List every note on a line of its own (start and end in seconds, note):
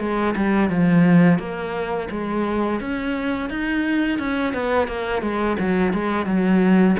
0.00 0.35 G#3
0.36 0.70 G3
0.70 1.39 F3
1.39 2.09 A#3
2.11 2.81 G#3
2.81 3.49 C#4
3.49 4.19 D#4
4.19 4.54 C#4
4.54 4.88 B3
4.88 5.22 A#3
5.22 5.57 G#3
5.59 5.93 F#3
5.93 6.26 G#3
6.26 6.96 F#3